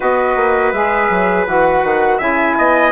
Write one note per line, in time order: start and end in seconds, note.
0.00 0.36 B3
0.00 0.73 F#4
0.00 2.18 B4
0.00 0.72 D#5
0.36 0.72 A#3
0.72 1.09 G#3
0.72 1.46 G#4
0.72 1.45 E5
1.09 1.46 F#3
1.46 1.83 E3
1.46 2.19 F#4
1.46 2.20 F#5
1.83 2.19 D#3
2.18 2.56 C#3
2.18 2.91 E4
2.18 2.54 E5
2.18 2.91 G#5
2.57 2.91 B3
2.57 2.91 D#5